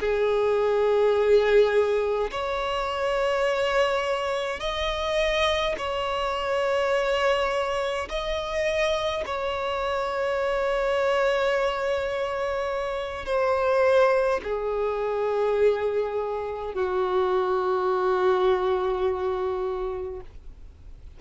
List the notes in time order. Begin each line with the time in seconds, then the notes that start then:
0.00 G#4
2.31 C#5
4.60 D#5
5.77 C#5
8.09 D#5
9.26 C#5
13.25 C5
14.43 G#4
16.74 F#4